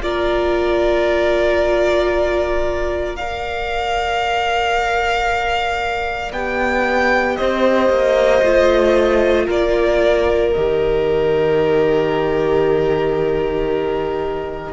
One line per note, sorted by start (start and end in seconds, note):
0.00 6.32 A#3
0.00 3.18 F4
0.00 3.19 A#4
0.00 3.16 D5
3.16 6.35 A#4
3.16 7.38 D5
3.16 6.32 F5
6.32 7.37 B3
6.32 8.43 G4
6.32 7.36 G5
7.36 7.89 C4
7.36 9.46 C5
7.36 9.47 D#5
7.89 8.42 A#3
8.42 9.48 A3
8.42 10.54 F4
9.46 10.55 A#3
9.46 14.72 A#4
9.46 10.53 D5
10.53 14.73 D#3
10.53 14.73 G4
10.53 14.73 D#5